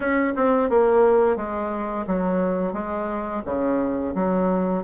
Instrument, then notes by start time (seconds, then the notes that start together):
bassoon
0.00 C#4
0.36 C4
0.69 A#3
1.36 G#3
2.06 F#3
2.73 G#3
3.45 C#3
4.14 F#3